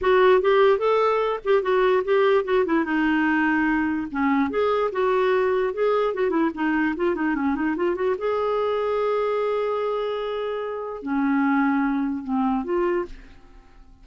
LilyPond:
\new Staff \with { instrumentName = "clarinet" } { \time 4/4 \tempo 4 = 147 fis'4 g'4 a'4. g'8 | fis'4 g'4 fis'8 e'8 dis'4~ | dis'2 cis'4 gis'4 | fis'2 gis'4 fis'8 e'8 |
dis'4 f'8 dis'8 cis'8 dis'8 f'8 fis'8 | gis'1~ | gis'2. cis'4~ | cis'2 c'4 f'4 | }